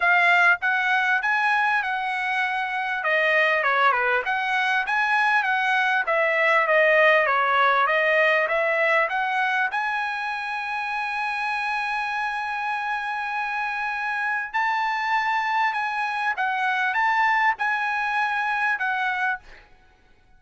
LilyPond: \new Staff \with { instrumentName = "trumpet" } { \time 4/4 \tempo 4 = 99 f''4 fis''4 gis''4 fis''4~ | fis''4 dis''4 cis''8 b'8 fis''4 | gis''4 fis''4 e''4 dis''4 | cis''4 dis''4 e''4 fis''4 |
gis''1~ | gis''1 | a''2 gis''4 fis''4 | a''4 gis''2 fis''4 | }